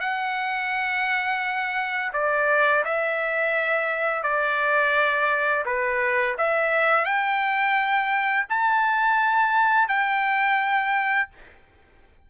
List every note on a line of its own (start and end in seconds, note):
0.00 2.12 F#5
2.13 2.83 D5
2.84 4.23 E5
4.23 5.64 D5
5.65 6.36 B4
6.38 7.05 E5
7.05 8.46 G5
8.49 9.88 A5
9.88 11.29 G5